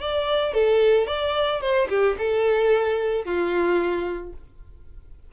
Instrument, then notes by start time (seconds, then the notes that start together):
violin
0.00 D5
0.54 A4
1.07 D5
1.61 C5
1.89 G4
2.18 A4
3.25 F4